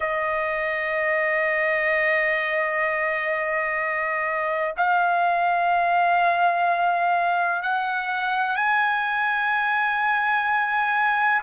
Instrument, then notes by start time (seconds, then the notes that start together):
trumpet
0.00 D#5
4.77 F5
7.62 F#5
8.55 G#5